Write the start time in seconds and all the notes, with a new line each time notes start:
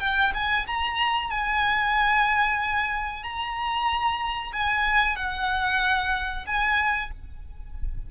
0.00 G5
0.34 G#5
0.67 A#5
1.30 G#5
3.23 A#5
4.53 G#5
5.16 F#5
6.46 G#5